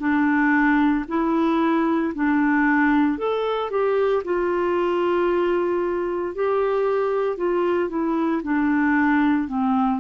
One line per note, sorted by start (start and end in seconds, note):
0.00 1.05 D4
1.08 2.13 E4
2.15 3.18 D4
3.18 3.71 A4
3.71 4.23 G4
4.24 6.35 F4
6.35 7.38 G4
7.38 7.89 F4
7.89 8.42 E4
8.44 9.48 D4
9.48 10.00 C4